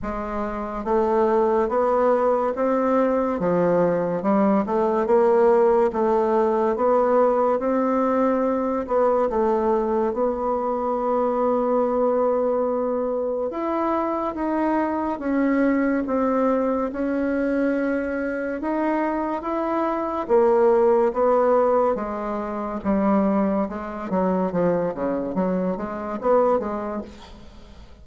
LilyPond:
\new Staff \with { instrumentName = "bassoon" } { \time 4/4 \tempo 4 = 71 gis4 a4 b4 c'4 | f4 g8 a8 ais4 a4 | b4 c'4. b8 a4 | b1 |
e'4 dis'4 cis'4 c'4 | cis'2 dis'4 e'4 | ais4 b4 gis4 g4 | gis8 fis8 f8 cis8 fis8 gis8 b8 gis8 | }